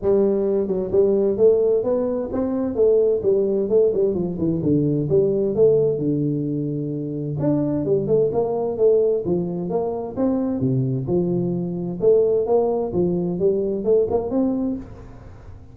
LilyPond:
\new Staff \with { instrumentName = "tuba" } { \time 4/4 \tempo 4 = 130 g4. fis8 g4 a4 | b4 c'4 a4 g4 | a8 g8 f8 e8 d4 g4 | a4 d2. |
d'4 g8 a8 ais4 a4 | f4 ais4 c'4 c4 | f2 a4 ais4 | f4 g4 a8 ais8 c'4 | }